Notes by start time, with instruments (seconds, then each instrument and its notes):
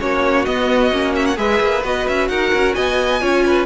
0.00 cello A#3, viola C#4, violin F#4 C#5
0.46 viola B3, cello B3, violin D#5
0.92 cello A#3, viola C#4
1.16 violin E5
1.26 violin F#5
1.37 cello G#3, viola G#4, violin B4 E5
1.61 cello A#3
1.84 cello B3, viola F#4, violin D#5
2.08 cello C#4, violin E5
2.29 cello D#4, violin A#4 F#5
2.54 cello C#4
2.75 cello B3, violin D#5 G#5
3.21 cello C#4, viola F4, violin C#5
3.46 violin B4